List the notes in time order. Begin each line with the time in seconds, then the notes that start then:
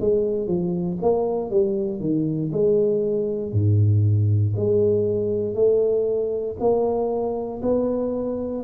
0.00 G#3
0.47 F3
1.02 A#3
1.50 G3
2.00 D#3
2.52 G#3
3.52 G#2
4.56 G#3
5.54 A3
6.60 A#3
7.62 B3